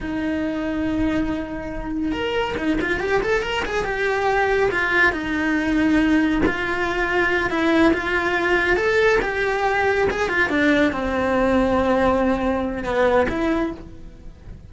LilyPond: \new Staff \with { instrumentName = "cello" } { \time 4/4 \tempo 4 = 140 dis'1~ | dis'4 ais'4 dis'8 f'8 g'8 a'8 | ais'8 gis'8 g'2 f'4 | dis'2. f'4~ |
f'4. e'4 f'4.~ | f'8 a'4 g'2 gis'8 | f'8 d'4 c'2~ c'8~ | c'2 b4 e'4 | }